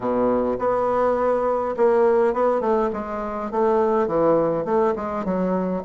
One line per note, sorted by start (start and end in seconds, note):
0.00 0.57 B2
0.58 1.75 B3
1.76 2.33 A#3
2.33 2.60 B3
2.60 2.89 A3
2.93 3.51 G#3
3.51 4.07 A3
4.07 4.64 E3
4.64 4.94 A3
4.95 5.24 G#3
5.24 5.83 F#3